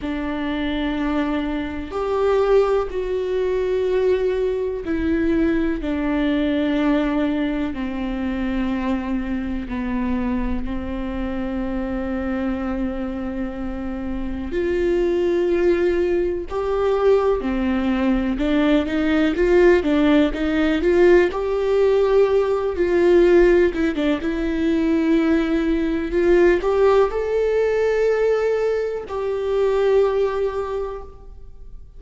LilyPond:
\new Staff \with { instrumentName = "viola" } { \time 4/4 \tempo 4 = 62 d'2 g'4 fis'4~ | fis'4 e'4 d'2 | c'2 b4 c'4~ | c'2. f'4~ |
f'4 g'4 c'4 d'8 dis'8 | f'8 d'8 dis'8 f'8 g'4. f'8~ | f'8 e'16 d'16 e'2 f'8 g'8 | a'2 g'2 | }